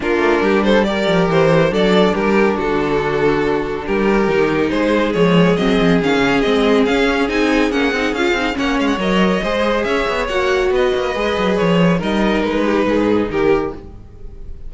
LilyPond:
<<
  \new Staff \with { instrumentName = "violin" } { \time 4/4 \tempo 4 = 140 ais'4. c''8 d''4 c''4 | d''4 ais'4 a'2~ | a'4 ais'2 c''4 | cis''4 dis''4 f''4 dis''4 |
f''4 gis''4 fis''4 f''4 | fis''8 f''16 fis''16 dis''2 e''4 | fis''4 dis''2 cis''4 | dis''4 b'2 ais'4 | }
  \new Staff \with { instrumentName = "violin" } { \time 4/4 f'4 g'8 a'8 ais'2 | a'4 g'4 fis'2~ | fis'4 g'2 gis'4~ | gis'1~ |
gis'1 | cis''2 c''4 cis''4~ | cis''4 b'2. | ais'4. g'8 gis'4 g'4 | }
  \new Staff \with { instrumentName = "viola" } { \time 4/4 d'2 g'2 | d'1~ | d'2 dis'2 | gis4 c'4 cis'4 c'4 |
cis'4 dis'4 cis'8 dis'8 f'8 dis'8 | cis'4 ais'4 gis'2 | fis'2 gis'2 | dis'1 | }
  \new Staff \with { instrumentName = "cello" } { \time 4/4 ais8 a8 g4. f8 e4 | fis4 g4 d2~ | d4 g4 dis4 gis4 | f4 fis8 f8 dis8 cis8 gis4 |
cis'4 c'4 ais8 c'8 cis'8 c'8 | ais8 gis8 fis4 gis4 cis'8 b8 | ais4 b8 ais8 gis8 fis8 f4 | g4 gis4 gis,4 dis4 | }
>>